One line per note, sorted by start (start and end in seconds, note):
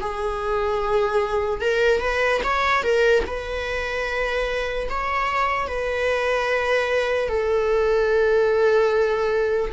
0.00 1.61 G#4
1.61 2.00 A#4
2.00 2.41 B4
2.43 2.82 C#5
2.82 3.23 A#4
3.26 4.88 B4
4.89 5.67 C#5
5.67 7.28 B4
7.28 9.71 A4